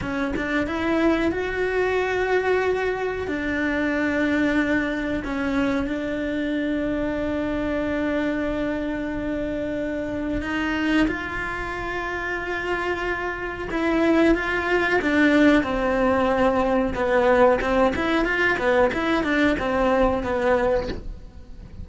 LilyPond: \new Staff \with { instrumentName = "cello" } { \time 4/4 \tempo 4 = 92 cis'8 d'8 e'4 fis'2~ | fis'4 d'2. | cis'4 d'2.~ | d'1 |
dis'4 f'2.~ | f'4 e'4 f'4 d'4 | c'2 b4 c'8 e'8 | f'8 b8 e'8 d'8 c'4 b4 | }